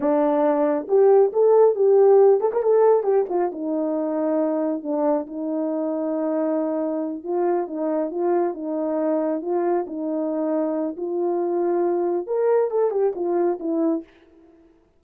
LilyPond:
\new Staff \with { instrumentName = "horn" } { \time 4/4 \tempo 4 = 137 d'2 g'4 a'4 | g'4. a'16 ais'16 a'4 g'8 f'8 | dis'2. d'4 | dis'1~ |
dis'8 f'4 dis'4 f'4 dis'8~ | dis'4. f'4 dis'4.~ | dis'4 f'2. | ais'4 a'8 g'8 f'4 e'4 | }